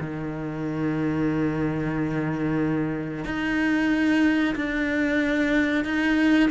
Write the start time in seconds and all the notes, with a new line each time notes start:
0.00 D#3
3.25 D#4
4.55 D4
5.84 D#4